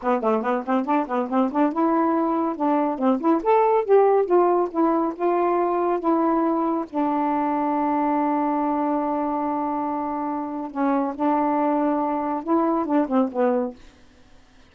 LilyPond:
\new Staff \with { instrumentName = "saxophone" } { \time 4/4 \tempo 4 = 140 b8 a8 b8 c'8 d'8 b8 c'8 d'8 | e'2 d'4 c'8 e'8 | a'4 g'4 f'4 e'4 | f'2 e'2 |
d'1~ | d'1~ | d'4 cis'4 d'2~ | d'4 e'4 d'8 c'8 b4 | }